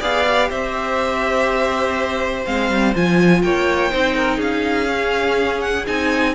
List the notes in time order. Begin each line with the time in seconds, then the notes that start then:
0.00 B3 G#4 D5 F5
0.28 G4
0.49 C4 C5 E5
2.45 G#3 C4 F5
2.70 G3
2.96 F3 F4 G#5
3.42 A#3 C#5 G5
3.91 C4 D#4 C5
4.17 A#4
4.37 C#4 G#4 F5
4.86 C#4
5.61 F#5
5.87 C4 D#4 G#5